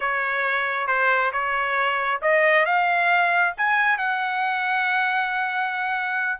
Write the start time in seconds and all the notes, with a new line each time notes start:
0.00 C#5
0.87 C5
1.32 C#5
2.21 D#5
2.65 F5
3.57 G#5
3.97 F#5